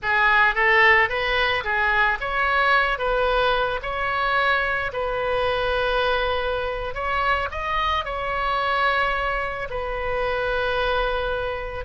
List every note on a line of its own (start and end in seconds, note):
0.02 0.54 G#4
0.54 1.09 A4
1.09 1.63 B4
1.63 2.18 G#4
2.20 2.98 C#5
2.98 3.80 B4
3.82 4.91 C#5
4.92 6.94 B4
6.94 7.49 C#5
7.51 8.05 D#5
8.05 9.68 C#5
9.70 11.84 B4